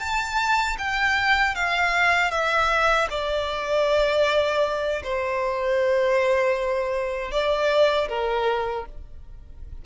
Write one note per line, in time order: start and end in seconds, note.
0.00 0.77 A5
0.78 1.55 G5
1.55 2.31 F5
2.31 3.08 E5
3.10 5.02 D5
5.03 7.31 C5
7.31 8.08 D5
8.08 8.85 A#4